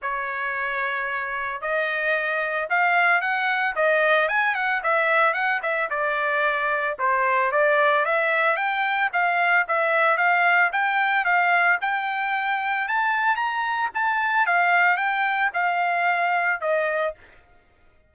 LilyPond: \new Staff \with { instrumentName = "trumpet" } { \time 4/4 \tempo 4 = 112 cis''2. dis''4~ | dis''4 f''4 fis''4 dis''4 | gis''8 fis''8 e''4 fis''8 e''8 d''4~ | d''4 c''4 d''4 e''4 |
g''4 f''4 e''4 f''4 | g''4 f''4 g''2 | a''4 ais''4 a''4 f''4 | g''4 f''2 dis''4 | }